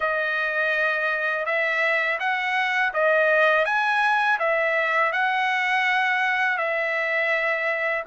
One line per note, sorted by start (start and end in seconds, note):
0.00 1.45 D#5
1.45 2.18 E5
2.20 2.93 F#5
2.93 3.65 D#5
3.65 4.38 G#5
4.39 5.12 E5
5.12 6.57 F#5
6.57 8.04 E5